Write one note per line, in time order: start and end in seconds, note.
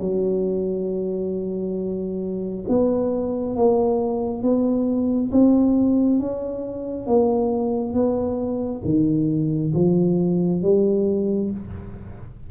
0.00 2.65 F#3
2.68 3.56 B3
3.56 4.43 A#3
4.43 5.31 B3
5.31 6.20 C4
6.20 7.07 C#4
7.07 7.94 A#3
7.94 8.82 B3
8.85 9.73 D#3
9.75 10.62 F3
10.62 11.51 G3